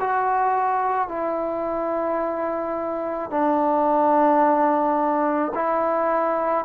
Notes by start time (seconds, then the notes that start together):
0.00 F#4
1.09 E4
3.30 D4
5.55 E4